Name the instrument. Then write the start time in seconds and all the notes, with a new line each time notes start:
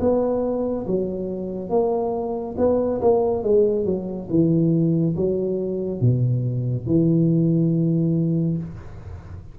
tuba
0.00 B3
0.86 F#3
1.69 A#3
2.58 B3
3.01 A#3
3.43 G#3
3.85 F#3
4.29 E3
5.16 F#3
6.00 B2
6.86 E3